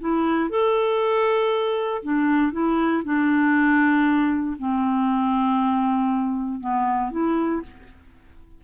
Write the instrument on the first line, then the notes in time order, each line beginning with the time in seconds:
clarinet
0.00 E4
0.50 A4
2.03 D4
2.52 E4
3.04 D4
4.59 C4
6.61 B3
7.11 E4